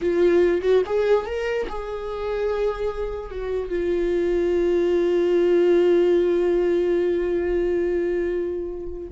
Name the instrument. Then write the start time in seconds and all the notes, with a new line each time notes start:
viola
0.01 F4
0.61 F#4
0.86 G#4
1.26 A#4
1.68 G#4
3.30 F#4
3.69 F4